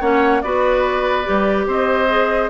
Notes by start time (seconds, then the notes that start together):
0.00 A#3 C#4 C#5 F#5
0.41 B3 F#4 B4 D5
1.24 G3 G4
1.67 C4 C5 D#5
2.08 G#4